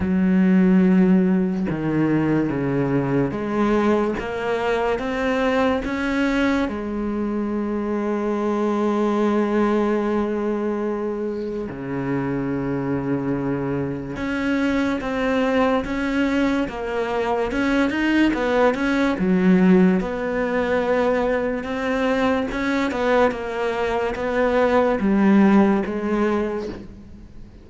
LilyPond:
\new Staff \with { instrumentName = "cello" } { \time 4/4 \tempo 4 = 72 fis2 dis4 cis4 | gis4 ais4 c'4 cis'4 | gis1~ | gis2 cis2~ |
cis4 cis'4 c'4 cis'4 | ais4 cis'8 dis'8 b8 cis'8 fis4 | b2 c'4 cis'8 b8 | ais4 b4 g4 gis4 | }